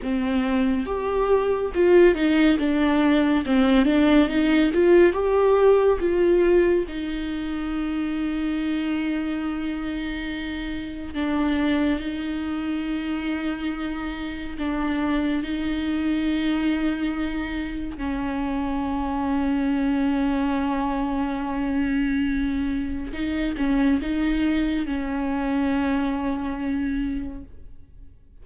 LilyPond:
\new Staff \with { instrumentName = "viola" } { \time 4/4 \tempo 4 = 70 c'4 g'4 f'8 dis'8 d'4 | c'8 d'8 dis'8 f'8 g'4 f'4 | dis'1~ | dis'4 d'4 dis'2~ |
dis'4 d'4 dis'2~ | dis'4 cis'2.~ | cis'2. dis'8 cis'8 | dis'4 cis'2. | }